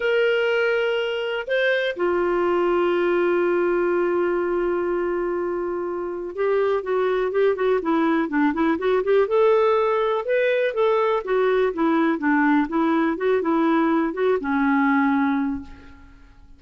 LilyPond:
\new Staff \with { instrumentName = "clarinet" } { \time 4/4 \tempo 4 = 123 ais'2. c''4 | f'1~ | f'1~ | f'4 g'4 fis'4 g'8 fis'8 |
e'4 d'8 e'8 fis'8 g'8 a'4~ | a'4 b'4 a'4 fis'4 | e'4 d'4 e'4 fis'8 e'8~ | e'4 fis'8 cis'2~ cis'8 | }